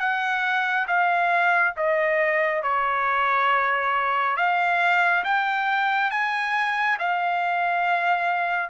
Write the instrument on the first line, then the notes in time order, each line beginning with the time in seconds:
trumpet
0.00 F#5
0.88 F5
1.77 D#5
2.63 C#5
4.37 F5
5.25 G5
6.11 G#5
7.00 F5